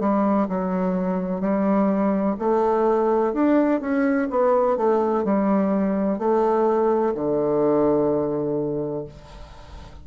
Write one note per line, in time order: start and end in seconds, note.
0.00 0.48 G3
0.48 1.41 F#3
1.41 2.36 G3
2.39 3.34 A3
3.34 3.81 D4
3.81 4.29 C#4
4.30 4.77 B3
4.77 5.24 A3
5.24 6.19 G3
6.19 7.14 A3
7.15 9.05 D3